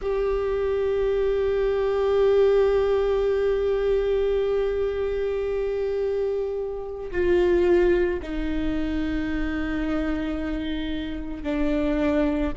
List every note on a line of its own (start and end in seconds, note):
0.01 7.10 G4
7.11 8.20 F4
8.22 11.43 D#4
11.43 12.52 D4